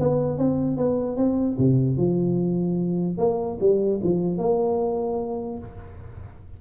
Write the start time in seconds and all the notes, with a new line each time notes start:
0.00 B3
0.38 C4
0.78 B3
1.17 C4
1.59 C3
1.97 F3
3.18 A#3
3.61 G3
4.04 F3
4.38 A#3